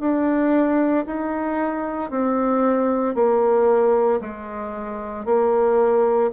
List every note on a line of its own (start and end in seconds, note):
0.00 1.05 D4
1.06 2.10 D#4
2.10 3.15 C4
3.15 4.20 A#3
4.21 5.25 G#3
5.25 6.31 A#3